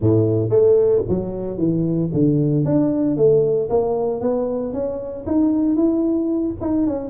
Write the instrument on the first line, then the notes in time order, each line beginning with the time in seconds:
tuba
0.00 A2
0.49 A3
1.08 F#3
1.57 E3
2.13 D3
2.65 D4
3.16 A3
3.69 A#3
4.21 B3
4.73 C#4
5.26 D#4
5.76 E4
6.60 D#4
6.86 C#4